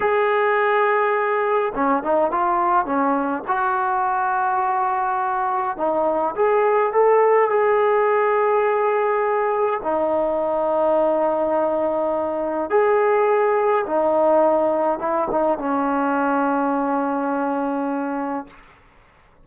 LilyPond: \new Staff \with { instrumentName = "trombone" } { \time 4/4 \tempo 4 = 104 gis'2. cis'8 dis'8 | f'4 cis'4 fis'2~ | fis'2 dis'4 gis'4 | a'4 gis'2.~ |
gis'4 dis'2.~ | dis'2 gis'2 | dis'2 e'8 dis'8 cis'4~ | cis'1 | }